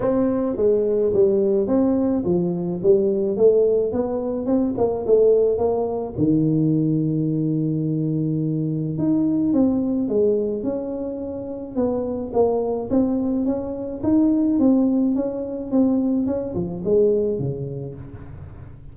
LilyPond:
\new Staff \with { instrumentName = "tuba" } { \time 4/4 \tempo 4 = 107 c'4 gis4 g4 c'4 | f4 g4 a4 b4 | c'8 ais8 a4 ais4 dis4~ | dis1 |
dis'4 c'4 gis4 cis'4~ | cis'4 b4 ais4 c'4 | cis'4 dis'4 c'4 cis'4 | c'4 cis'8 f8 gis4 cis4 | }